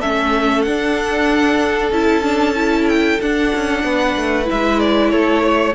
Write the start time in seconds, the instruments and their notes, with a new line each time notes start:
0.00 cello A3, viola C#4, violin A4 E5
0.62 cello D4, viola D4, violin F#5
1.91 cello C#4, viola E4, violin A5
2.22 viola D4
2.55 viola E4
2.88 violin G5
3.21 cello D4, viola D4, violin F#5
3.55 cello C#4
3.84 cello B3, violin B4
4.16 cello A3
4.45 viola E4, violin E5
4.52 cello G#3
4.79 violin D5
5.10 cello A3, violin A4 C#5
5.43 violin C#5